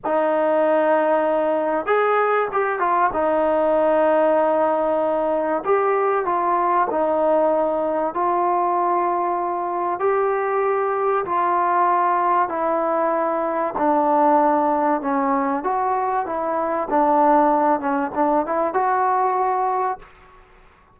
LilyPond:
\new Staff \with { instrumentName = "trombone" } { \time 4/4 \tempo 4 = 96 dis'2. gis'4 | g'8 f'8 dis'2.~ | dis'4 g'4 f'4 dis'4~ | dis'4 f'2. |
g'2 f'2 | e'2 d'2 | cis'4 fis'4 e'4 d'4~ | d'8 cis'8 d'8 e'8 fis'2 | }